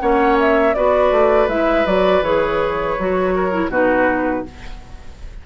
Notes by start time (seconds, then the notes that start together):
0.00 A#3 C#4 C#5 F#5
0.40 E5
0.74 B3 F#4 B4 D5
1.11 A3
1.48 G#3 E4 E5
1.86 F#3 F#4 D5
2.22 E3 G#4 C#5
2.99 F#3 F#4
3.35 A#4
3.51 E4
3.69 B2 D#4 F#4 B4